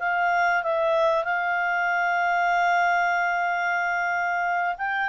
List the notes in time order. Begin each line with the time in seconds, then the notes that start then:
0.00 F5
0.63 E5
1.25 F5
4.78 G5